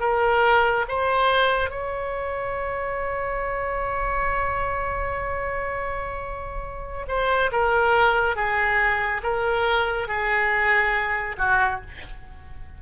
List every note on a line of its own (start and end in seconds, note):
0.00 0.86 A#4
0.88 1.71 C5
1.71 7.06 C#5
7.08 7.51 C5
7.52 8.36 A#4
8.36 9.22 G#4
9.23 10.08 A#4
10.08 11.36 G#4
11.38 11.81 F#4